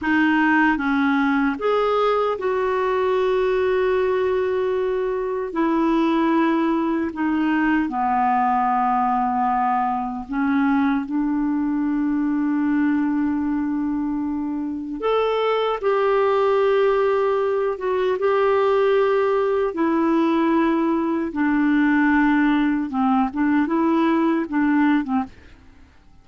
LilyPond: \new Staff \with { instrumentName = "clarinet" } { \time 4/4 \tempo 4 = 76 dis'4 cis'4 gis'4 fis'4~ | fis'2. e'4~ | e'4 dis'4 b2~ | b4 cis'4 d'2~ |
d'2. a'4 | g'2~ g'8 fis'8 g'4~ | g'4 e'2 d'4~ | d'4 c'8 d'8 e'4 d'8. c'16 | }